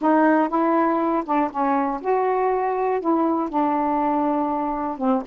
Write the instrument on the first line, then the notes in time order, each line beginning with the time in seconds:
saxophone
0.01 D#4
0.48 E4
1.25 D4
1.50 C#4
2.01 F#4
3.00 E4
3.49 D4
4.97 C4